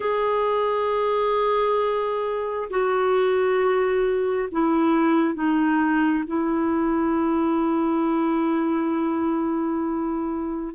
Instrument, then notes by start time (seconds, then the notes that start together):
clarinet
0.00 G#4
2.69 F#4
4.51 E4
5.34 D#4
6.26 E4